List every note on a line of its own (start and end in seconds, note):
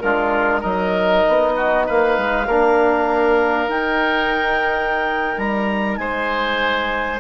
0.00 0.64 G#3
0.00 0.63 D4
0.00 0.61 F4
0.00 0.61 A#4
0.61 1.26 F#3
0.61 2.47 D#4
0.61 1.53 A#4
0.61 1.85 D#5
1.28 1.90 B3
1.57 1.87 F#4
1.87 2.18 A#3
1.87 2.47 B4
1.87 3.70 F5
2.18 2.48 G#3
2.47 3.68 A#3
2.47 3.69 D4
2.47 5.99 A#4
3.68 5.37 D#4
3.68 7.20 D#4
3.68 5.39 G5
5.38 5.98 G3
5.38 5.97 A#5
5.97 7.20 G#3
5.97 7.20 C5
5.97 7.20 G#5